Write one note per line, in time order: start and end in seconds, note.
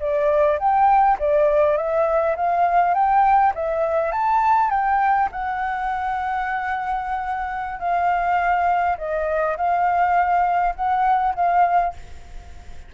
0.00 0.59 D5
0.59 1.18 G5
1.19 1.77 D5
1.77 2.36 E5
2.36 2.94 F5
2.94 3.53 G5
3.55 4.12 E5
4.12 4.71 A5
4.71 5.29 G5
5.32 7.79 F#5
7.79 8.97 F5
8.98 9.57 D#5
9.57 10.75 F5
10.76 11.34 F#5
11.35 11.94 F5